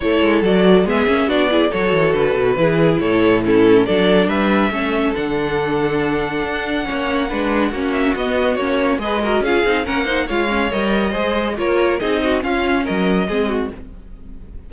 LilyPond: <<
  \new Staff \with { instrumentName = "violin" } { \time 4/4 \tempo 4 = 140 cis''4 d''4 e''4 d''4 | cis''4 b'2 cis''4 | a'4 d''4 e''2 | fis''1~ |
fis''2~ fis''8 e''8 dis''4 | cis''4 dis''4 f''4 fis''4 | f''4 dis''2 cis''4 | dis''4 f''4 dis''2 | }
  \new Staff \with { instrumentName = "violin" } { \time 4/4 a'2 gis'4 fis'8 gis'8 | a'2 gis'4 a'4 | e'4 a'4 b'4 a'4~ | a'1 |
cis''4 b'4 fis'2~ | fis'4 b'8 ais'8 gis'4 ais'8 c''8 | cis''2 c''4 ais'4 | gis'8 fis'8 f'4 ais'4 gis'8 fis'8 | }
  \new Staff \with { instrumentName = "viola" } { \time 4/4 e'4 fis'4 b8 cis'8 d'8 e'8 | fis'2 e'2 | cis'4 d'2 cis'4 | d'1 |
cis'4 d'4 cis'4 b4 | cis'4 gis'8 fis'8 f'8 dis'8 cis'8 dis'8 | f'8 cis'8 ais'4 gis'4 f'4 | dis'4 cis'2 c'4 | }
  \new Staff \with { instrumentName = "cello" } { \time 4/4 a8 gis8 fis4 gis8 ais8 b4 | fis8 e8 d8 b,8 e4 a,4~ | a,4 fis4 g4 a4 | d2. d'4 |
ais4 gis4 ais4 b4 | ais4 gis4 cis'8 c'8 ais4 | gis4 g4 gis4 ais4 | c'4 cis'4 fis4 gis4 | }
>>